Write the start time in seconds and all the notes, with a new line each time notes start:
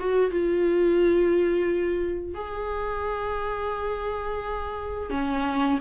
0.00 F#4
0.31 F4
2.35 G#4
5.10 C#4